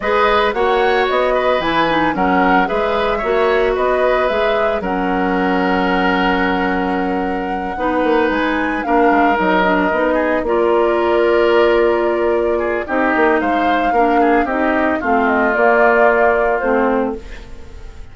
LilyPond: <<
  \new Staff \with { instrumentName = "flute" } { \time 4/4 \tempo 4 = 112 dis''4 fis''4 dis''4 gis''4 | fis''4 e''2 dis''4 | e''4 fis''2.~ | fis''2.~ fis''8 gis''8~ |
gis''8 f''4 dis''2 d''8~ | d''1 | dis''4 f''2 dis''4 | f''8 dis''8 d''2 c''4 | }
  \new Staff \with { instrumentName = "oboe" } { \time 4/4 b'4 cis''4. b'4. | ais'4 b'4 cis''4 b'4~ | b'4 ais'2.~ | ais'2~ ais'8 b'4.~ |
b'8 ais'2~ ais'8 gis'8 ais'8~ | ais'2.~ ais'8 gis'8 | g'4 c''4 ais'8 gis'8 g'4 | f'1 | }
  \new Staff \with { instrumentName = "clarinet" } { \time 4/4 gis'4 fis'2 e'8 dis'8 | cis'4 gis'4 fis'2 | gis'4 cis'2.~ | cis'2~ cis'8 dis'4.~ |
dis'8 d'4 dis'8 d'8 dis'4 f'8~ | f'1 | dis'2 d'4 dis'4 | c'4 ais2 c'4 | }
  \new Staff \with { instrumentName = "bassoon" } { \time 4/4 gis4 ais4 b4 e4 | fis4 gis4 ais4 b4 | gis4 fis2.~ | fis2~ fis8 b8 ais8 gis8~ |
gis8 ais8 gis8 fis4 b4 ais8~ | ais1 | c'8 ais8 gis4 ais4 c'4 | a4 ais2 a4 | }
>>